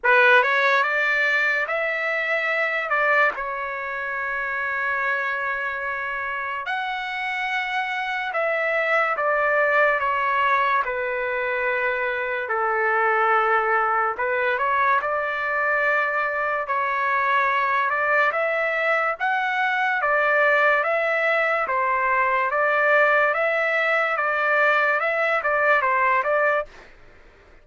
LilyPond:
\new Staff \with { instrumentName = "trumpet" } { \time 4/4 \tempo 4 = 72 b'8 cis''8 d''4 e''4. d''8 | cis''1 | fis''2 e''4 d''4 | cis''4 b'2 a'4~ |
a'4 b'8 cis''8 d''2 | cis''4. d''8 e''4 fis''4 | d''4 e''4 c''4 d''4 | e''4 d''4 e''8 d''8 c''8 d''8 | }